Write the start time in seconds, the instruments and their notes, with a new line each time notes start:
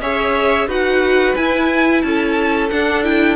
0.00 cello C#4, viola G#4, violin C#5 E5
0.67 cello D#4, viola F#4, violin B4 F#5
1.35 viola E4, cello E4, violin G#5
2.02 cello C#4, violin A4 A5
2.70 viola D4, cello D4, violin F#5
3.03 viola E4, violin G5